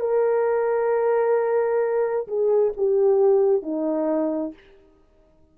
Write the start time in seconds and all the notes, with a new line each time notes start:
0.00 A#4
2.28 G#4
2.77 G4
3.63 D#4